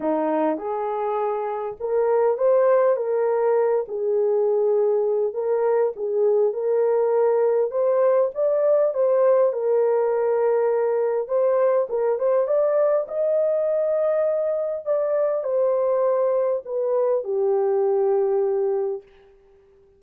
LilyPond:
\new Staff \with { instrumentName = "horn" } { \time 4/4 \tempo 4 = 101 dis'4 gis'2 ais'4 | c''4 ais'4. gis'4.~ | gis'4 ais'4 gis'4 ais'4~ | ais'4 c''4 d''4 c''4 |
ais'2. c''4 | ais'8 c''8 d''4 dis''2~ | dis''4 d''4 c''2 | b'4 g'2. | }